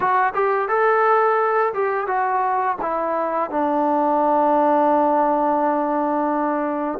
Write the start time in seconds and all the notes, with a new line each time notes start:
0.00 F#4
0.34 G4
0.68 A4
1.73 G4
2.07 F#4
2.81 E4
3.50 D4